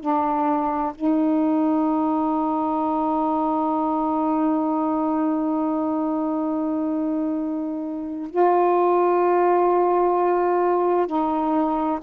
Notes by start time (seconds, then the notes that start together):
0.00 D4
0.94 D#4
8.30 F4
11.06 D#4